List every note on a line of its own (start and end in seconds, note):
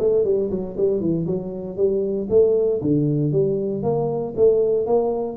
0.00 0.25 A3
0.25 0.51 G3
0.51 0.77 F#3
0.78 1.01 G3
1.01 1.26 E3
1.27 1.77 F#3
1.77 2.28 G3
2.30 2.82 A3
2.82 3.33 D3
3.33 3.83 G3
3.83 4.34 A#3
4.37 4.87 A3
4.87 5.38 A#3